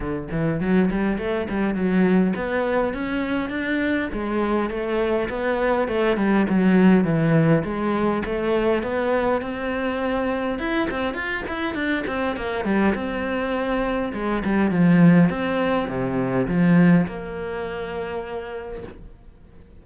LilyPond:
\new Staff \with { instrumentName = "cello" } { \time 4/4 \tempo 4 = 102 d8 e8 fis8 g8 a8 g8 fis4 | b4 cis'4 d'4 gis4 | a4 b4 a8 g8 fis4 | e4 gis4 a4 b4 |
c'2 e'8 c'8 f'8 e'8 | d'8 c'8 ais8 g8 c'2 | gis8 g8 f4 c'4 c4 | f4 ais2. | }